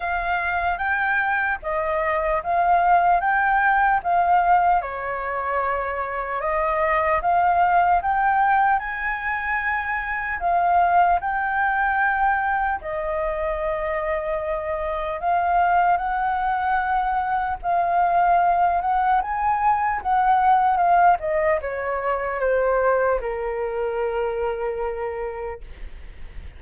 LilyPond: \new Staff \with { instrumentName = "flute" } { \time 4/4 \tempo 4 = 75 f''4 g''4 dis''4 f''4 | g''4 f''4 cis''2 | dis''4 f''4 g''4 gis''4~ | gis''4 f''4 g''2 |
dis''2. f''4 | fis''2 f''4. fis''8 | gis''4 fis''4 f''8 dis''8 cis''4 | c''4 ais'2. | }